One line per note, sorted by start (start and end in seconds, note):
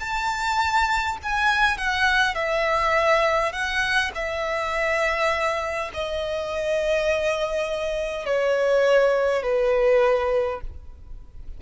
0.00 1.18 A5
1.23 1.78 G#5
1.78 2.35 F#5
2.35 3.52 E5
3.52 4.11 F#5
4.15 5.91 E5
5.94 8.26 D#5
8.26 9.43 C#5
9.43 10.61 B4